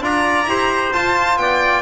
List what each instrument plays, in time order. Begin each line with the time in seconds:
0.00 double bass D4, trombone F4, trumpet D5, violin A#5
0.44 double bass E4, trombone G4, trumpet C5
0.93 double bass F4, trombone F4, violin A5
1.37 double bass B3, trumpet D5, violin G5